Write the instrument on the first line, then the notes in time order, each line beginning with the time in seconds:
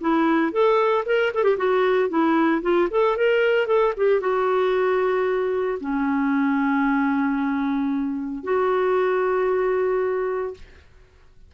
clarinet
0.00 E4
0.52 A4
1.06 A#4
1.34 A4
1.43 G4
1.57 F#4
2.09 E4
2.62 F4
2.90 A4
3.17 A#4
3.67 A4
3.97 G4
4.20 F#4
5.80 C#4
8.43 F#4